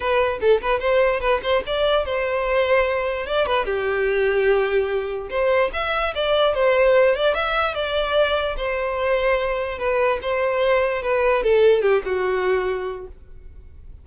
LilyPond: \new Staff \with { instrumentName = "violin" } { \time 4/4 \tempo 4 = 147 b'4 a'8 b'8 c''4 b'8 c''8 | d''4 c''2. | d''8 b'8 g'2.~ | g'4 c''4 e''4 d''4 |
c''4. d''8 e''4 d''4~ | d''4 c''2. | b'4 c''2 b'4 | a'4 g'8 fis'2~ fis'8 | }